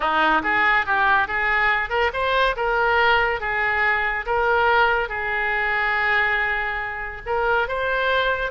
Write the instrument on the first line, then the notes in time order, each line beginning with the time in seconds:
oboe
0.00 D#4
0.43 G#4
0.86 G4
1.27 G#4
1.89 A#4
2.13 C5
2.56 A#4
3.40 G#4
4.26 A#4
5.09 G#4
7.26 A#4
7.68 C5